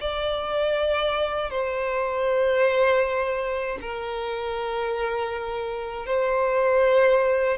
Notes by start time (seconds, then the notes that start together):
0.00 D5
1.50 C5
3.81 A#4
6.06 C5